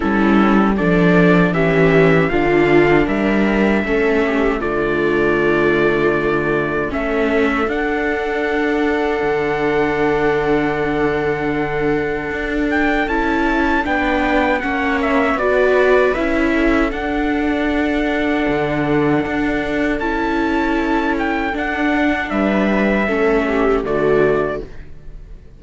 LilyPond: <<
  \new Staff \with { instrumentName = "trumpet" } { \time 4/4 \tempo 4 = 78 a'4 d''4 e''4 f''4 | e''2 d''2~ | d''4 e''4 fis''2~ | fis''1~ |
fis''8 g''8 a''4 g''4 fis''8 e''8 | d''4 e''4 fis''2~ | fis''2 a''4. g''8 | fis''4 e''2 d''4 | }
  \new Staff \with { instrumentName = "viola" } { \time 4/4 e'4 a'4 g'4 f'4 | ais'4 a'8 g'8 f'2~ | f'4 a'2.~ | a'1~ |
a'2 b'4 cis''4 | b'4. a'2~ a'8~ | a'1~ | a'4 b'4 a'8 g'8 fis'4 | }
  \new Staff \with { instrumentName = "viola" } { \time 4/4 cis'4 d'4 cis'4 d'4~ | d'4 cis'4 a2~ | a4 cis'4 d'2~ | d'1~ |
d'4 e'4 d'4 cis'4 | fis'4 e'4 d'2~ | d'2 e'2 | d'2 cis'4 a4 | }
  \new Staff \with { instrumentName = "cello" } { \time 4/4 g4 f4 e4 d4 | g4 a4 d2~ | d4 a4 d'2 | d1 |
d'4 cis'4 b4 ais4 | b4 cis'4 d'2 | d4 d'4 cis'2 | d'4 g4 a4 d4 | }
>>